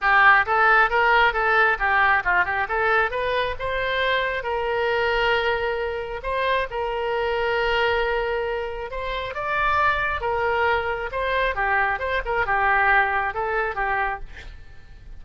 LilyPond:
\new Staff \with { instrumentName = "oboe" } { \time 4/4 \tempo 4 = 135 g'4 a'4 ais'4 a'4 | g'4 f'8 g'8 a'4 b'4 | c''2 ais'2~ | ais'2 c''4 ais'4~ |
ais'1 | c''4 d''2 ais'4~ | ais'4 c''4 g'4 c''8 ais'8 | g'2 a'4 g'4 | }